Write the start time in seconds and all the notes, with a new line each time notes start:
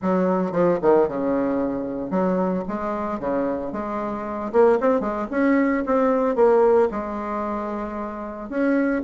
0.01 F#3
0.51 F3
0.82 D#3
1.07 C#3
2.10 F#3
2.67 G#3
3.19 C#3
3.72 G#3
4.52 A#3
4.80 C4
5.00 G#3
5.30 C#4
5.86 C4
6.35 A#3
6.91 G#3
8.49 C#4